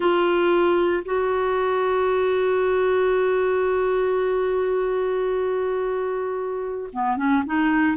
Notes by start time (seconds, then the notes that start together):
0.00 F4
1.05 F#4
6.92 B3
7.16 C#4
7.46 D#4